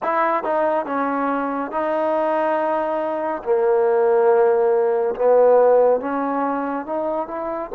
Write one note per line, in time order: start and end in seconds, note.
0.02 0.43 E4
0.43 0.85 D#4
0.85 1.71 C#4
1.71 3.42 D#4
3.43 5.14 A#3
5.15 6.00 B3
6.00 6.86 C#4
6.86 7.27 D#4
7.27 7.70 E4